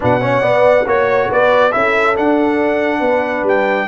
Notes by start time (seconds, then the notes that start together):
0.00 B2 D4 B4 F#5
0.21 C#4 C#5
0.41 B3 D5
0.86 A#3 F#4 C#5
1.29 B3 B4 D5
1.71 C#4 E4 A4 E5
2.15 D4 F#5
2.99 B3 B4
3.43 G3 G5